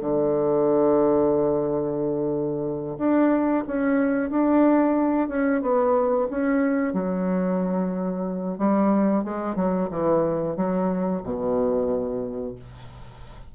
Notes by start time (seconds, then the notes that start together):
0.00 D3
2.98 D4
3.67 C#4
4.29 D4
5.28 C#4
5.61 B3
6.30 C#4
6.93 F#3
8.58 G3
9.24 G#3
9.55 F#3
9.90 E3
10.56 F#3
11.23 B2